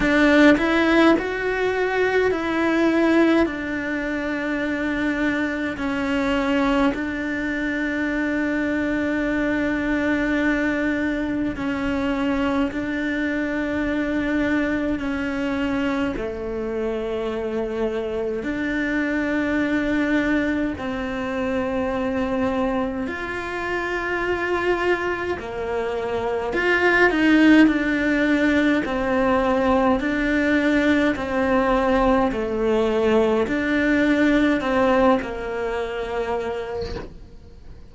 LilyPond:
\new Staff \with { instrumentName = "cello" } { \time 4/4 \tempo 4 = 52 d'8 e'8 fis'4 e'4 d'4~ | d'4 cis'4 d'2~ | d'2 cis'4 d'4~ | d'4 cis'4 a2 |
d'2 c'2 | f'2 ais4 f'8 dis'8 | d'4 c'4 d'4 c'4 | a4 d'4 c'8 ais4. | }